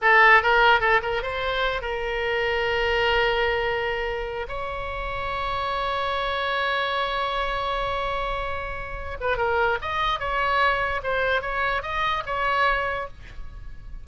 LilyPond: \new Staff \with { instrumentName = "oboe" } { \time 4/4 \tempo 4 = 147 a'4 ais'4 a'8 ais'8 c''4~ | c''8 ais'2.~ ais'8~ | ais'2. cis''4~ | cis''1~ |
cis''1~ | cis''2~ cis''8 b'8 ais'4 | dis''4 cis''2 c''4 | cis''4 dis''4 cis''2 | }